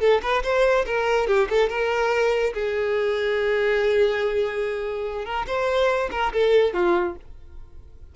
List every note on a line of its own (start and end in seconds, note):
0.00 0.21 A4
0.22 0.43 B4
0.43 0.85 C5
0.86 1.27 A#4
1.27 1.48 G4
1.49 1.69 A4
1.69 2.53 A#4
2.53 5.25 G#4
5.25 5.46 A#4
5.47 6.10 C5
6.11 6.32 A#4
6.33 6.73 A4
6.73 7.15 F4